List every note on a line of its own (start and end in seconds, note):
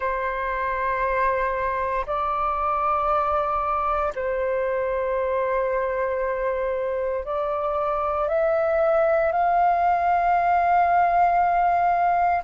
0.00 2.05 C5
2.06 4.13 D5
4.15 7.25 C5
7.25 8.28 D5
8.28 9.32 E5
9.32 12.42 F5